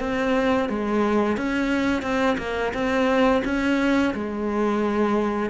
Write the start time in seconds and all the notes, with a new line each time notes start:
0.00 C4
0.69 G#3
1.37 C#4
2.02 C4
2.38 A#3
2.74 C4
3.45 C#4
4.14 G#3